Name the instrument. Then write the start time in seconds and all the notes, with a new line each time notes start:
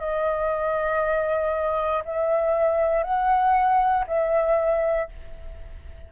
flute
0.00 D#5
2.05 E5
3.04 F#5
4.07 E5